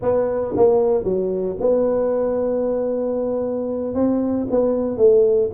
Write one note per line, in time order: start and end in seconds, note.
0.02 0.54 B3
0.56 1.04 A#3
1.04 1.56 F#3
1.60 3.94 B3
3.94 4.46 C4
4.50 4.97 B3
4.97 5.50 A3